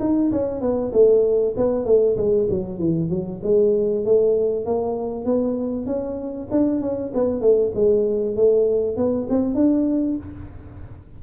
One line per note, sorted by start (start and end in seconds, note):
0.00 0.31 D#4
0.32 0.61 C#4
0.61 0.92 B3
0.93 1.55 A3
1.57 1.86 B3
1.86 2.17 A3
2.17 2.48 G#3
2.50 2.79 F#3
2.79 3.10 E3
3.10 3.41 F#3
3.43 4.05 G#3
4.05 4.66 A3
4.66 5.25 A#3
5.25 5.86 B3
5.86 6.48 C#4
6.51 6.81 D4
6.81 7.12 C#4
7.14 7.41 B3
7.41 7.72 A3
7.75 8.36 G#3
8.36 8.97 A3
8.97 9.28 B3
9.30 9.55 C4
9.55 10.17 D4